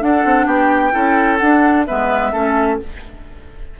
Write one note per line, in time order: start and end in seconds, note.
0.00 0.92 D4
0.00 0.25 D4
0.00 0.46 A4
0.00 0.47 F#5
0.25 0.46 C4
0.46 0.93 B3
0.46 0.93 G4
0.46 1.38 G5
0.92 1.41 C#4
0.92 1.38 E4
0.92 1.86 A4
1.38 1.87 D4
1.38 1.88 D4
1.38 1.84 F#5
1.87 2.33 G#3
1.87 2.33 B3
1.87 2.32 B4
1.87 2.80 E5
2.32 2.80 A3
2.32 2.79 C#4
2.32 2.79 A4